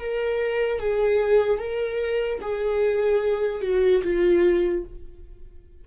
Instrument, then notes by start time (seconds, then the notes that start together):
viola
0.00 A#4
0.80 G#4
1.59 A#4
2.42 G#4
3.62 F#4
4.04 F4